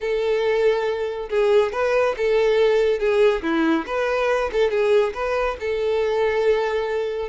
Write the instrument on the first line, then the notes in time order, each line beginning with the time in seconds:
violin
0.00 A4
1.29 G#4
1.72 B4
2.17 A4
2.99 G#4
3.42 E4
3.86 B4
4.52 A4
4.70 G#4
5.14 B4
5.60 A4